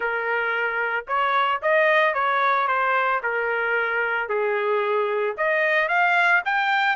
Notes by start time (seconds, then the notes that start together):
0.00 A#4
1.07 C#5
1.62 D#5
2.14 C#5
2.67 C5
3.22 A#4
4.29 G#4
5.37 D#5
5.88 F5
6.45 G5